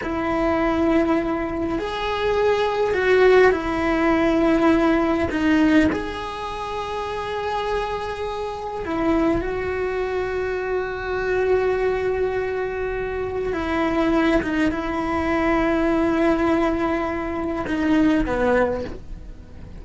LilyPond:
\new Staff \with { instrumentName = "cello" } { \time 4/4 \tempo 4 = 102 e'2. gis'4~ | gis'4 fis'4 e'2~ | e'4 dis'4 gis'2~ | gis'2. e'4 |
fis'1~ | fis'2. e'4~ | e'8 dis'8 e'2.~ | e'2 dis'4 b4 | }